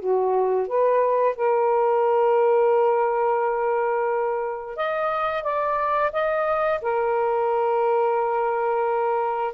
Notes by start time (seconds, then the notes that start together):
0.00 F#4
0.68 B4
1.36 A#4
4.77 D#5
5.44 D5
6.13 D#5
6.82 A#4